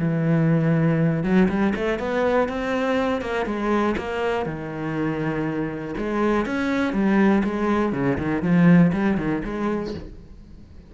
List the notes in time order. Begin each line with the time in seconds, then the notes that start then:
0.00 E3
1.24 F#3
1.49 G3
1.76 A3
1.99 B3
2.49 C4
3.22 A#3
3.46 G#3
3.98 A#3
4.46 D#3
5.98 G#3
6.46 C#4
6.94 G3
7.44 G#3
7.93 C#3
8.18 D#3
8.43 F3
8.93 G3
9.18 D#3
9.45 G#3